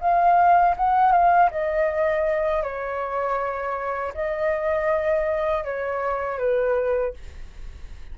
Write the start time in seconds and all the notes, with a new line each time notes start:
0.00 F5
0.77 F#5
1.12 F5
1.51 D#5
2.63 C#5
4.14 D#5
5.64 C#5
6.38 B4